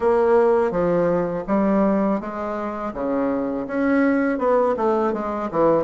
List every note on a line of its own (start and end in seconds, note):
0.00 0.71 A#3
0.71 1.44 F3
1.47 2.20 G3
2.20 2.93 G#3
2.93 3.67 C#3
3.67 4.38 C#4
4.38 4.75 B3
4.77 5.13 A3
5.13 5.49 G#3
5.51 5.84 E3